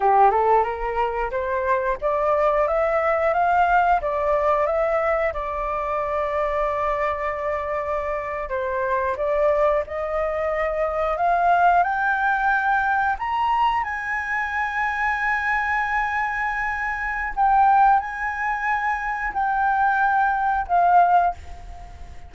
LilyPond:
\new Staff \with { instrumentName = "flute" } { \time 4/4 \tempo 4 = 90 g'8 a'8 ais'4 c''4 d''4 | e''4 f''4 d''4 e''4 | d''1~ | d''8. c''4 d''4 dis''4~ dis''16~ |
dis''8. f''4 g''2 ais''16~ | ais''8. gis''2.~ gis''16~ | gis''2 g''4 gis''4~ | gis''4 g''2 f''4 | }